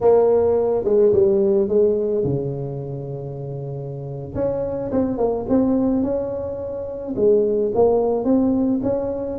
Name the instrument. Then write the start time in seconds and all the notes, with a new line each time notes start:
tuba
0.01 A#3
0.84 G#3
1.12 G3
1.68 G#3
2.24 C#3
4.35 C#4
4.91 C4
5.17 A#3
5.49 C4
6.02 C#4
7.15 G#3
7.74 A#3
8.24 C4
8.83 C#4